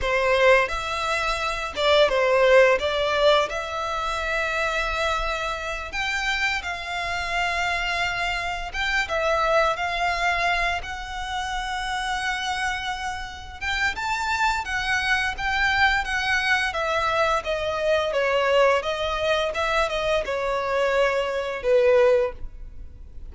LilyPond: \new Staff \with { instrumentName = "violin" } { \time 4/4 \tempo 4 = 86 c''4 e''4. d''8 c''4 | d''4 e''2.~ | e''8 g''4 f''2~ f''8~ | f''8 g''8 e''4 f''4. fis''8~ |
fis''2.~ fis''8 g''8 | a''4 fis''4 g''4 fis''4 | e''4 dis''4 cis''4 dis''4 | e''8 dis''8 cis''2 b'4 | }